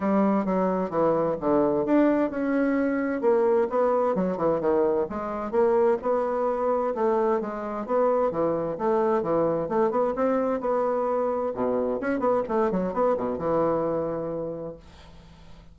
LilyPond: \new Staff \with { instrumentName = "bassoon" } { \time 4/4 \tempo 4 = 130 g4 fis4 e4 d4 | d'4 cis'2 ais4 | b4 fis8 e8 dis4 gis4 | ais4 b2 a4 |
gis4 b4 e4 a4 | e4 a8 b8 c'4 b4~ | b4 b,4 cis'8 b8 a8 fis8 | b8 b,8 e2. | }